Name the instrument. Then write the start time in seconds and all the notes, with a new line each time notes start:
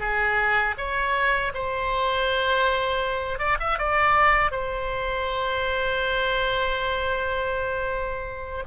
oboe
0.00 G#4
0.78 C#5
1.54 C5
3.39 D5
3.60 E5
3.79 D5
4.51 C5